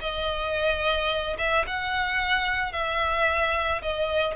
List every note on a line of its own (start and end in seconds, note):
0.00 1.36 D#5
1.38 1.65 E5
1.67 2.72 F#5
2.72 3.81 E5
3.81 4.35 D#5